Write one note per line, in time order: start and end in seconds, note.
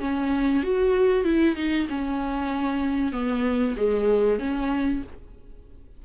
0.00 0.63 C#4
0.63 1.24 F#4
1.24 1.56 E4
1.56 1.88 D#4
1.89 3.13 C#4
3.13 3.76 B3
3.77 4.39 G#3
4.39 5.02 C#4